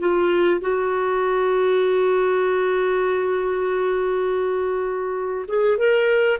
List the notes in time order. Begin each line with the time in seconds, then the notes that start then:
0.00 F4
0.61 F#4
5.48 G#4
5.78 A#4